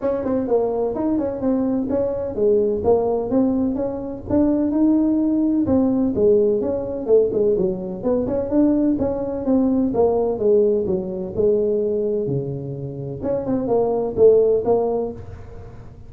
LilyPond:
\new Staff \with { instrumentName = "tuba" } { \time 4/4 \tempo 4 = 127 cis'8 c'8 ais4 dis'8 cis'8 c'4 | cis'4 gis4 ais4 c'4 | cis'4 d'4 dis'2 | c'4 gis4 cis'4 a8 gis8 |
fis4 b8 cis'8 d'4 cis'4 | c'4 ais4 gis4 fis4 | gis2 cis2 | cis'8 c'8 ais4 a4 ais4 | }